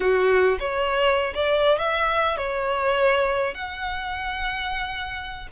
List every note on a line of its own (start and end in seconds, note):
0.00 0.58 F#4
0.59 1.33 C#5
1.34 1.78 D5
1.78 2.37 E5
2.37 3.54 C#5
3.54 5.47 F#5